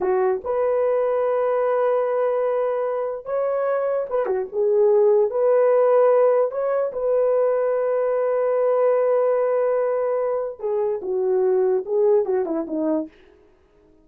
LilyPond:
\new Staff \with { instrumentName = "horn" } { \time 4/4 \tempo 4 = 147 fis'4 b'2.~ | b'1 | cis''2 b'8 fis'8 gis'4~ | gis'4 b'2. |
cis''4 b'2.~ | b'1~ | b'2 gis'4 fis'4~ | fis'4 gis'4 fis'8 e'8 dis'4 | }